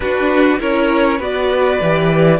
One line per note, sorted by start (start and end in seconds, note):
0.00 0.59 D4
0.00 0.58 D4
0.00 0.60 F#4
0.00 0.59 B4
0.58 1.19 C#4
0.58 1.18 E4
0.58 1.18 A#4
0.58 1.21 C#5
1.18 1.79 B3
1.18 1.80 F#4
1.18 2.38 B4
1.18 2.39 D5
1.81 2.39 E3
1.81 2.39 G4